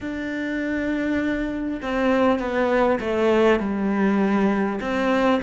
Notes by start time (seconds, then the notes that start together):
0.01 D4
1.82 C4
2.39 B3
3.00 A3
3.59 G3
4.80 C4